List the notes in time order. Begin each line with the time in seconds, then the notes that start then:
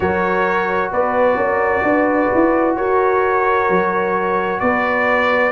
0.00 F#3 F#4 A#4 C#5
0.91 B3 B4 D5
1.35 C#4 A#4
1.82 D4 B4
2.34 E4
2.75 F#4 A#4 C#5
3.69 F#3
4.60 B3 B4 D5